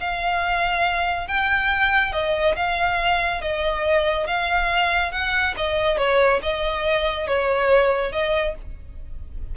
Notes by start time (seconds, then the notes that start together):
0.00 F5
1.28 G5
2.13 D#5
2.56 F5
3.41 D#5
4.27 F5
5.12 F#5
5.57 D#5
5.98 C#5
6.42 D#5
7.27 C#5
8.12 D#5